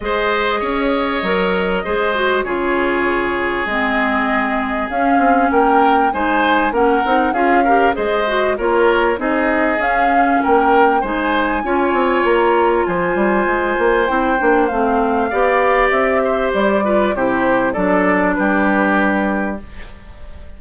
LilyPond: <<
  \new Staff \with { instrumentName = "flute" } { \time 4/4 \tempo 4 = 98 dis''1 | cis''2 dis''2 | f''4 g''4 gis''4 fis''4 | f''4 dis''4 cis''4 dis''4 |
f''4 g''4 gis''2 | ais''4 gis''2 g''4 | f''2 e''4 d''4 | c''4 d''4 b'2 | }
  \new Staff \with { instrumentName = "oboe" } { \time 4/4 c''4 cis''2 c''4 | gis'1~ | gis'4 ais'4 c''4 ais'4 | gis'8 ais'8 c''4 ais'4 gis'4~ |
gis'4 ais'4 c''4 cis''4~ | cis''4 c''2.~ | c''4 d''4. c''4 b'8 | g'4 a'4 g'2 | }
  \new Staff \with { instrumentName = "clarinet" } { \time 4/4 gis'2 ais'4 gis'8 fis'8 | f'2 c'2 | cis'2 dis'4 cis'8 dis'8 | f'8 g'8 gis'8 fis'8 f'4 dis'4 |
cis'2 dis'4 f'4~ | f'2. e'8 d'8 | c'4 g'2~ g'8 f'8 | e'4 d'2. | }
  \new Staff \with { instrumentName = "bassoon" } { \time 4/4 gis4 cis'4 fis4 gis4 | cis2 gis2 | cis'8 c'8 ais4 gis4 ais8 c'8 | cis'4 gis4 ais4 c'4 |
cis'4 ais4 gis4 cis'8 c'8 | ais4 f8 g8 gis8 ais8 c'8 ais8 | a4 b4 c'4 g4 | c4 fis4 g2 | }
>>